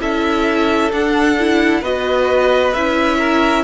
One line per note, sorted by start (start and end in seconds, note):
0.00 0.92 C#4
0.00 0.91 E4
0.00 1.81 A4
0.00 0.92 E5
0.92 1.38 D4
0.92 1.82 D4
0.92 1.84 F#5
1.40 1.84 E4
1.81 2.73 B3
1.81 2.74 F#4
1.81 3.17 B4
1.81 2.74 D#5
2.74 3.65 C#4
2.74 3.65 E4
2.74 3.65 E5
3.18 3.63 A#4